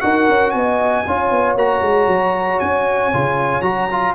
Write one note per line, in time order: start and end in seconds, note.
0.00 0.28 D#4
0.00 1.04 F#4
0.00 0.54 A#4
0.00 0.50 F#5
0.28 0.54 C#4
0.50 1.05 B3
0.50 1.06 D#5
0.50 1.53 G#5
1.06 1.30 C#4
1.06 1.58 F4
1.06 4.15 C#5
1.30 1.55 B3
1.55 1.81 A#3
1.55 3.13 F#4
1.55 2.59 A#5
1.81 2.07 G#3
2.07 2.59 F#3
2.59 3.13 C#4
2.59 3.61 G#5
3.13 3.61 C#3
3.13 3.62 F4
3.61 4.13 F#3
3.61 3.88 F#4
3.61 4.13 A#5
3.91 4.15 F4